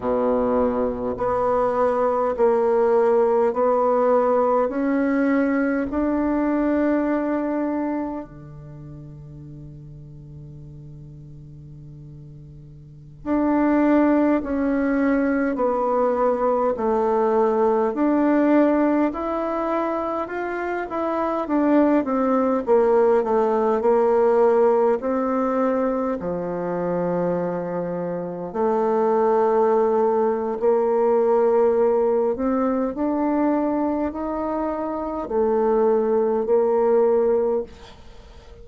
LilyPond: \new Staff \with { instrumentName = "bassoon" } { \time 4/4 \tempo 4 = 51 b,4 b4 ais4 b4 | cis'4 d'2 d4~ | d2.~ d16 d'8.~ | d'16 cis'4 b4 a4 d'8.~ |
d'16 e'4 f'8 e'8 d'8 c'8 ais8 a16~ | a16 ais4 c'4 f4.~ f16~ | f16 a4.~ a16 ais4. c'8 | d'4 dis'4 a4 ais4 | }